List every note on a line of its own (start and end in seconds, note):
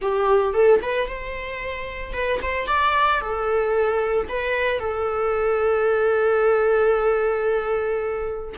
0.01 0.53 G4
0.53 0.80 A4
0.82 1.08 B4
1.08 2.13 C5
2.13 2.40 B4
2.42 2.67 C5
2.67 3.20 D5
3.20 4.27 A4
4.29 4.79 B4
4.79 8.54 A4